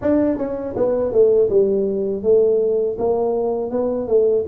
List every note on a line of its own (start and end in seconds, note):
0.01 0.37 D4
0.37 0.74 C#4
0.76 1.11 B3
1.11 1.48 A3
1.49 2.23 G3
2.23 2.97 A3
2.98 3.70 A#3
3.70 4.07 B3
4.07 4.44 A3